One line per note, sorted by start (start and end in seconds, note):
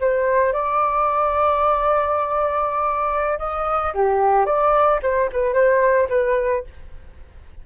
0.00 0.53 C5
0.53 3.38 D5
3.38 3.93 D#5
3.93 4.45 G4
4.45 5.00 D5
5.02 5.29 C5
5.32 5.53 B4
5.53 6.08 C5
6.09 6.63 B4